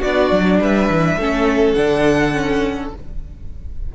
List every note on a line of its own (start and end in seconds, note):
0.00 0.31 B3
0.00 1.21 D4
0.00 0.58 F#4
0.00 0.60 D5
0.31 0.60 F#3
0.60 0.89 G3
0.60 1.19 B4
0.60 1.73 E5
0.90 1.17 E3
1.17 1.75 A3
1.17 1.76 C#4
1.17 2.95 A4
1.73 2.94 D3
1.73 2.33 D4
1.73 2.89 F#5
2.33 2.92 C#4